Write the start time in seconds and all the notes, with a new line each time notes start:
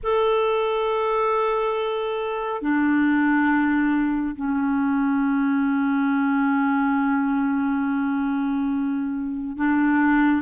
0.03 A4
2.61 D4
4.35 C#4
9.57 D4